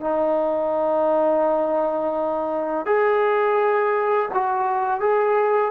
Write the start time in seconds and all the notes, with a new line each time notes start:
0.00 D#4
2.86 G#4
4.33 F#4
5.00 G#4